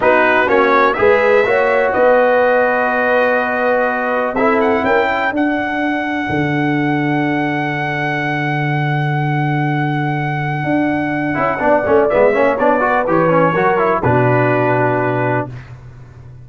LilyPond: <<
  \new Staff \with { instrumentName = "trumpet" } { \time 4/4 \tempo 4 = 124 b'4 cis''4 e''2 | dis''1~ | dis''4 e''8 fis''8 g''4 fis''4~ | fis''1~ |
fis''1~ | fis''1~ | fis''4 e''4 d''4 cis''4~ | cis''4 b'2. | }
  \new Staff \with { instrumentName = "horn" } { \time 4/4 fis'2 b'4 cis''4 | b'1~ | b'4 a'4 ais'8 a'4.~ | a'1~ |
a'1~ | a'1 | d''4. cis''4 b'4. | ais'4 fis'2. | }
  \new Staff \with { instrumentName = "trombone" } { \time 4/4 dis'4 cis'4 gis'4 fis'4~ | fis'1~ | fis'4 e'2 d'4~ | d'1~ |
d'1~ | d'2.~ d'8 e'8 | d'8 cis'8 b8 cis'8 d'8 fis'8 g'8 cis'8 | fis'8 e'8 d'2. | }
  \new Staff \with { instrumentName = "tuba" } { \time 4/4 b4 ais4 gis4 ais4 | b1~ | b4 c'4 cis'4 d'4~ | d'4 d2.~ |
d1~ | d2 d'4. cis'8 | b8 a8 gis8 ais8 b4 e4 | fis4 b,2. | }
>>